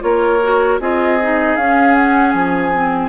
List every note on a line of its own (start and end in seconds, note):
0.00 0.79 A#3
0.00 0.38 F4
0.00 0.80 A#4
0.00 0.79 C#5
0.43 0.80 F#4
0.79 1.56 C4
0.79 1.19 F4
0.79 3.09 G#4
0.79 1.56 D#5
1.22 1.59 D#4
1.56 2.33 C#4
1.56 2.73 C#4
1.56 1.94 F5
1.94 2.32 F#5
2.32 3.09 F3
2.32 3.09 G#5
2.73 3.09 C4